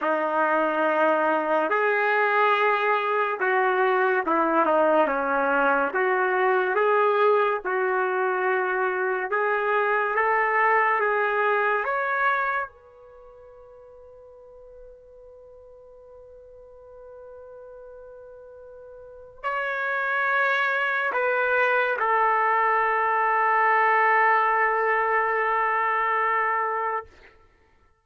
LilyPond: \new Staff \with { instrumentName = "trumpet" } { \time 4/4 \tempo 4 = 71 dis'2 gis'2 | fis'4 e'8 dis'8 cis'4 fis'4 | gis'4 fis'2 gis'4 | a'4 gis'4 cis''4 b'4~ |
b'1~ | b'2. cis''4~ | cis''4 b'4 a'2~ | a'1 | }